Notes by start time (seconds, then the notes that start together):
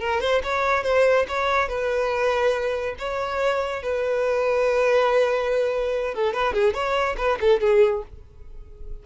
0.00 A#4
0.21 C5
0.44 C#5
0.84 C5
1.28 C#5
1.69 B4
2.99 C#5
3.83 B4
6.15 A4
6.34 B4
6.54 G#4
6.74 C#5
7.18 B4
7.41 A4
7.61 G#4